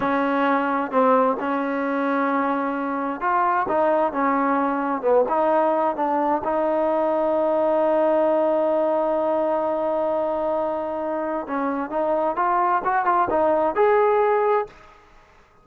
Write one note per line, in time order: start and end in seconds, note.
0.00 0.91 C#4
0.91 1.37 C4
1.39 3.20 C#4
3.20 3.66 F4
3.68 4.12 D#4
4.12 5.01 C#4
5.01 5.24 B3
5.28 5.96 D#4
5.96 6.41 D4
6.44 11.46 D#4
11.46 11.90 C#4
11.90 12.35 D#4
12.36 12.81 F4
12.84 13.05 F#4
13.05 13.28 F4
13.30 13.75 D#4
13.75 14.66 G#4